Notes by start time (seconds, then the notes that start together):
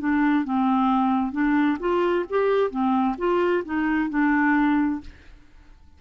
0.00 D4
0.45 C4
1.33 D4
1.80 F4
2.30 G4
2.71 C4
3.19 F4
3.65 D#4
4.10 D4